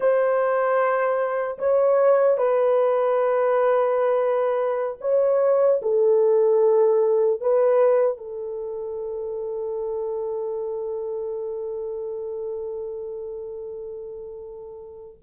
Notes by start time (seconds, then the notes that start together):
0.00 C5
1.58 C#5
2.37 B4
5.00 C#5
5.82 A4
7.40 B4
8.17 A4